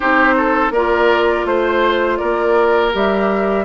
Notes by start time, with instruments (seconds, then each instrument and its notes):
0.00 bassoon C4, clarinet D#4, oboe G4, flute C5
0.37 oboe A4
0.70 bassoon A#3, clarinet F4, oboe A#4, flute D5
1.45 bassoon A3, flute C5, oboe C5
2.16 bassoon A#3, oboe A#4, flute D5
2.92 bassoon G3, clarinet G4, flute E5